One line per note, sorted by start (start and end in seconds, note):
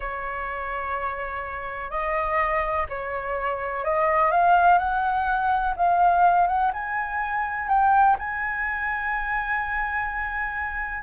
0.00 1.90 C#5
1.90 2.86 D#5
2.89 3.84 C#5
3.84 4.31 D#5
4.31 4.78 F5
4.78 5.74 F#5
5.76 6.47 F5
6.47 6.71 F#5
6.73 7.68 G#5
7.68 8.16 G5
8.18 11.03 G#5